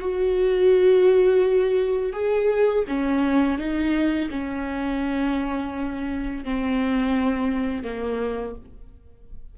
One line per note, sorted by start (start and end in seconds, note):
0.00 2.12 F#4
2.12 2.84 G#4
2.87 3.58 C#4
3.58 4.29 D#4
4.30 6.44 C#4
6.44 7.83 C4
7.83 8.55 A#3